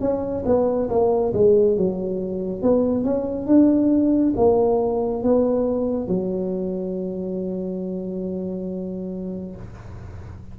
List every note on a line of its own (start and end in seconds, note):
0.00 0.43 C#4
0.45 0.89 B3
0.89 1.32 A#3
1.33 1.77 G#3
1.77 2.62 F#3
2.62 3.04 B3
3.04 3.47 C#4
3.47 4.34 D4
4.36 5.23 A#3
5.23 6.08 B3
6.08 9.55 F#3